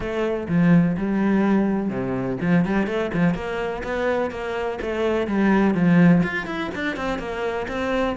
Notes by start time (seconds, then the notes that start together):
0.00 A3
0.48 F3
0.97 G3
1.89 C3
2.41 F3
2.65 G3
2.86 A3
3.13 F3
3.34 A#3
3.83 B3
4.30 A#3
4.81 A3
5.27 G3
5.74 F3
6.23 F4
6.46 E4
6.74 D4
6.96 C4
7.18 A#3
7.68 C4